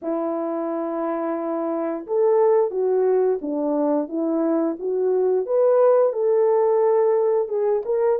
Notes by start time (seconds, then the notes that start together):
0.02 E4
2.06 A4
2.71 F#4
3.41 D4
4.08 E4
4.79 F#4
5.45 B4
6.12 A4
7.48 G#4
7.85 A#4